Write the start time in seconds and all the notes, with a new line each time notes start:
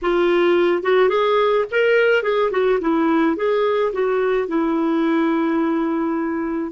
0.02 F4
0.82 F#4
1.09 G#4
1.71 A#4
2.23 G#4
2.51 F#4
2.80 E4
3.36 G#4
3.93 F#4
4.48 E4